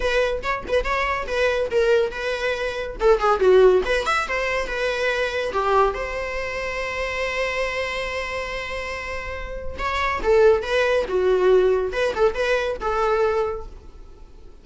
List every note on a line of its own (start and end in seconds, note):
0.00 0.42 B4
0.43 0.64 C#5
0.68 0.84 B4
0.84 1.26 C#5
1.27 1.69 B4
1.70 2.11 A#4
2.11 2.96 B4
3.00 3.19 A4
3.19 3.39 G#4
3.39 3.82 F#4
3.85 4.06 B4
4.06 4.27 E5
4.28 4.67 C5
4.67 5.52 B4
5.53 5.94 G4
5.94 9.77 C5
9.78 10.21 C#5
10.22 10.62 A4
10.62 11.05 B4
11.08 11.92 F#4
11.92 12.13 B4
12.15 12.34 A4
12.34 12.77 B4
12.80 13.65 A4